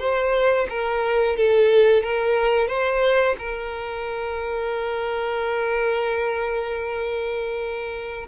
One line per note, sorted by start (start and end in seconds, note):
0.00 0.67 C5
0.70 1.37 A#4
1.37 2.03 A4
2.03 2.68 A#4
2.68 3.36 C5
3.39 8.28 A#4